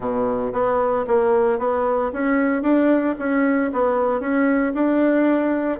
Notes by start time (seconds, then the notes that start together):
0.00 B2
0.52 B3
1.07 A#3
1.59 B3
2.12 C#4
2.62 D4
3.18 C#4
3.72 B3
4.20 C#4
4.74 D4